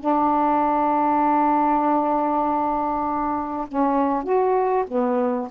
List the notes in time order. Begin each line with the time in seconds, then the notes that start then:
0.00 D4
3.68 C#4
4.24 F#4
4.88 B3